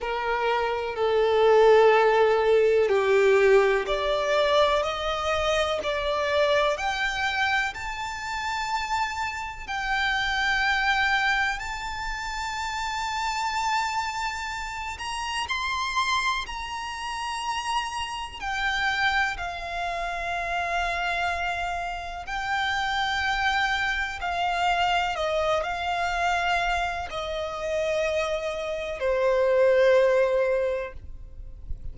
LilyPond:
\new Staff \with { instrumentName = "violin" } { \time 4/4 \tempo 4 = 62 ais'4 a'2 g'4 | d''4 dis''4 d''4 g''4 | a''2 g''2 | a''2.~ a''8 ais''8 |
c'''4 ais''2 g''4 | f''2. g''4~ | g''4 f''4 dis''8 f''4. | dis''2 c''2 | }